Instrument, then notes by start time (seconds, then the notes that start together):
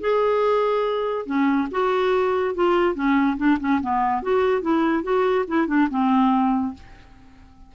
clarinet
0.00 G#4
1.26 C#4
1.71 F#4
2.55 F4
2.94 C#4
3.37 D4
3.60 C#4
3.81 B3
4.22 F#4
4.61 E4
5.03 F#4
5.48 E4
5.67 D4
5.90 C4